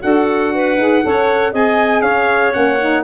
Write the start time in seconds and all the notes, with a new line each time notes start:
0.00 D4 F#4 A4 F#5
0.54 B4
0.78 D#4 G#4
1.02 C#4 A4 C#5
1.52 C4 G#4 D#5 G#5
2.02 C#4 C#5 F5
2.52 A#3 C#4 F#5
2.80 D#4